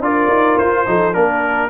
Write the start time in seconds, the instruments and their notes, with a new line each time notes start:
0.00 tuba D4, trombone F4, horn A#4, trumpet D5
0.29 tuba D#4
0.57 tuba F4, trumpet C5
0.86 tuba F3, trombone D#4, horn A4
1.13 tuba A#3, trombone D4, trumpet A#4, horn A#4